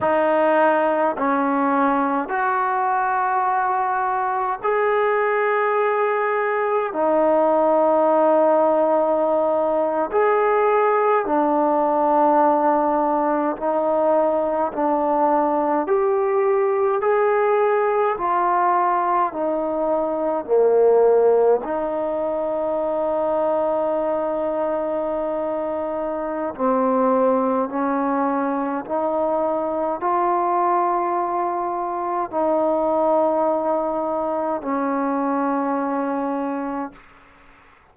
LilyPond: \new Staff \with { instrumentName = "trombone" } { \time 4/4 \tempo 4 = 52 dis'4 cis'4 fis'2 | gis'2 dis'2~ | dis'8. gis'4 d'2 dis'16~ | dis'8. d'4 g'4 gis'4 f'16~ |
f'8. dis'4 ais4 dis'4~ dis'16~ | dis'2. c'4 | cis'4 dis'4 f'2 | dis'2 cis'2 | }